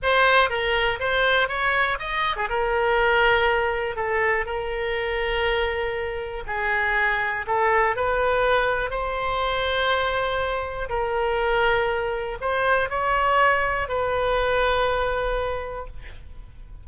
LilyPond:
\new Staff \with { instrumentName = "oboe" } { \time 4/4 \tempo 4 = 121 c''4 ais'4 c''4 cis''4 | dis''8. gis'16 ais'2. | a'4 ais'2.~ | ais'4 gis'2 a'4 |
b'2 c''2~ | c''2 ais'2~ | ais'4 c''4 cis''2 | b'1 | }